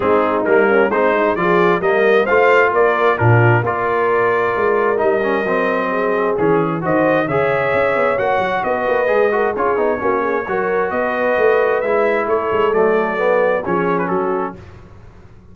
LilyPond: <<
  \new Staff \with { instrumentName = "trumpet" } { \time 4/4 \tempo 4 = 132 gis'4 ais'4 c''4 d''4 | dis''4 f''4 d''4 ais'4 | d''2. dis''4~ | dis''2 gis'4 dis''4 |
e''2 fis''4 dis''4~ | dis''4 cis''2. | dis''2 e''4 cis''4 | d''2 cis''8. b'16 a'4 | }
  \new Staff \with { instrumentName = "horn" } { \time 4/4 dis'4. cis'8 c'8 dis'8 gis'4 | ais'4 c''4 ais'4 f'4 | ais'1~ | ais'4 gis'2 c''4 |
cis''2. b'4~ | b'8 ais'8 gis'4 fis'8 gis'8 ais'4 | b'2. a'4~ | a'2 gis'4 fis'4 | }
  \new Staff \with { instrumentName = "trombone" } { \time 4/4 c'4 ais4 dis'4 f'4 | ais4 f'2 d'4 | f'2. dis'8 cis'8 | c'2 cis'4 fis'4 |
gis'2 fis'2 | gis'8 fis'8 f'8 dis'8 cis'4 fis'4~ | fis'2 e'2 | a4 b4 cis'2 | }
  \new Staff \with { instrumentName = "tuba" } { \time 4/4 gis4 g4 gis4 f4 | g4 a4 ais4 ais,4 | ais2 gis4 g4 | fis2 e4 dis4 |
cis4 cis'8 b8 ais8 fis8 b8 ais8 | gis4 cis'8 b8 ais4 fis4 | b4 a4 gis4 a8 gis8 | fis2 f4 fis4 | }
>>